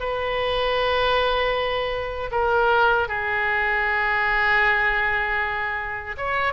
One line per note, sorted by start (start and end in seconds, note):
0.00 2.31 B4
2.32 3.09 A#4
3.09 6.16 G#4
6.17 6.53 C#5